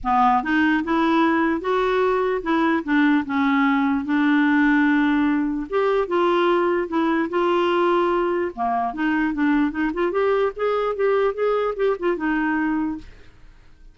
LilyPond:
\new Staff \with { instrumentName = "clarinet" } { \time 4/4 \tempo 4 = 148 b4 dis'4 e'2 | fis'2 e'4 d'4 | cis'2 d'2~ | d'2 g'4 f'4~ |
f'4 e'4 f'2~ | f'4 ais4 dis'4 d'4 | dis'8 f'8 g'4 gis'4 g'4 | gis'4 g'8 f'8 dis'2 | }